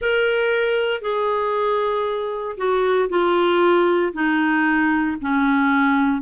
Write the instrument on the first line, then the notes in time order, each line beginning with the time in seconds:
clarinet
0.00 A#4
1.01 G#4
2.57 F#4
3.09 F4
4.13 D#4
5.21 C#4